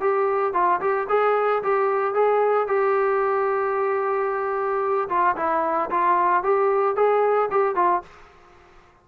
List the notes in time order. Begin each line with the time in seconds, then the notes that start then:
0.00 G4
0.53 F4
0.81 G4
1.09 G#4
1.63 G4
2.14 G#4
2.67 G4
5.09 F4
5.36 E4
5.90 F4
6.43 G4
6.96 G#4
7.51 G4
7.75 F4